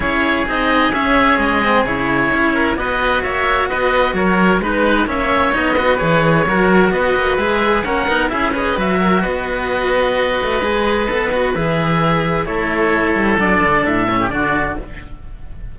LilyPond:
<<
  \new Staff \with { instrumentName = "oboe" } { \time 4/4 \tempo 4 = 130 cis''4 dis''4 e''4 dis''4 | cis''2 dis''4 e''4 | dis''4 cis''4 b'4 e''4 | dis''4 cis''2 dis''4 |
e''4 fis''4 e''8 dis''8 e''4 | dis''1~ | dis''4 e''2 cis''4~ | cis''4 d''4 e''4 d''4 | }
  \new Staff \with { instrumentName = "oboe" } { \time 4/4 gis'1~ | gis'4. ais'8 b'4 cis''4 | b'4 ais'4 b'4 cis''4~ | cis''8 b'4. ais'4 b'4~ |
b'4 ais'4 gis'8 b'4 ais'8 | b'1~ | b'2. a'4~ | a'2~ a'8. g'16 fis'4 | }
  \new Staff \with { instrumentName = "cello" } { \time 4/4 e'4 dis'4 cis'4. c'8 | e'2 fis'2~ | fis'2 dis'4 cis'4 | dis'8 fis'8 gis'4 fis'2 |
gis'4 cis'8 dis'8 e'8 gis'8 fis'4~ | fis'2. gis'4 | a'8 fis'8 gis'2 e'4~ | e'4 d'4. cis'8 d'4 | }
  \new Staff \with { instrumentName = "cello" } { \time 4/4 cis'4 c'4 cis'4 gis4 | cis4 cis'4 b4 ais4 | b4 fis4 gis4 ais4 | b4 e4 fis4 b8 ais8 |
gis4 ais8 b8 cis'4 fis4 | b2~ b8 a8 gis4 | b4 e2 a4~ | a8 g8 fis8 d8 a,4 d4 | }
>>